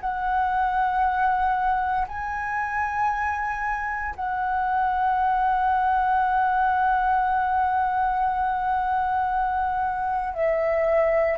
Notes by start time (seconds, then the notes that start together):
0.00 F#5
2.07 G#5
4.15 F#5
10.34 E5